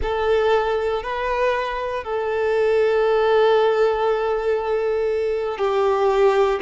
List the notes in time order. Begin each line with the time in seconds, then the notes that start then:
0.01 A4
1.03 B4
2.03 A4
5.57 G4